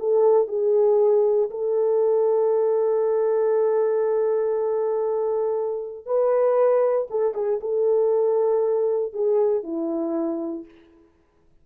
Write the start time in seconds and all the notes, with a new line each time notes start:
0.00 A4
0.49 G#4
1.51 A4
6.06 B4
7.10 A4
7.35 G#4
7.61 A4
9.14 G#4
9.64 E4